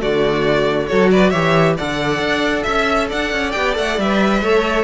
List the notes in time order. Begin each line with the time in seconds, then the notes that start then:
0.00 D3 A3 F#4 D5
0.87 F#3 F#4 A4 C#5
1.11 B4 D5
1.30 E3 G4 C#5 E5
1.77 D3 A4 D5 F#5
2.19 D4
2.63 C#4 E5
3.09 D4 D5 F#5
3.33 C#4
3.52 B3 G4 G5
3.74 A3 A4 F#5
3.98 G3 B4 E5
4.42 A3 A4 C#5